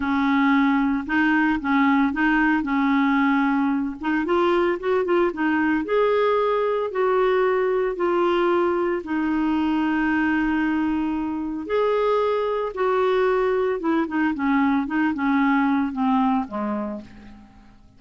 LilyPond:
\new Staff \with { instrumentName = "clarinet" } { \time 4/4 \tempo 4 = 113 cis'2 dis'4 cis'4 | dis'4 cis'2~ cis'8 dis'8 | f'4 fis'8 f'8 dis'4 gis'4~ | gis'4 fis'2 f'4~ |
f'4 dis'2.~ | dis'2 gis'2 | fis'2 e'8 dis'8 cis'4 | dis'8 cis'4. c'4 gis4 | }